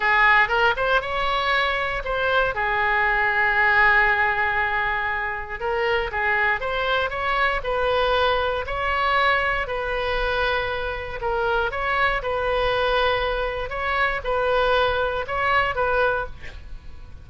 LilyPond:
\new Staff \with { instrumentName = "oboe" } { \time 4/4 \tempo 4 = 118 gis'4 ais'8 c''8 cis''2 | c''4 gis'2.~ | gis'2. ais'4 | gis'4 c''4 cis''4 b'4~ |
b'4 cis''2 b'4~ | b'2 ais'4 cis''4 | b'2. cis''4 | b'2 cis''4 b'4 | }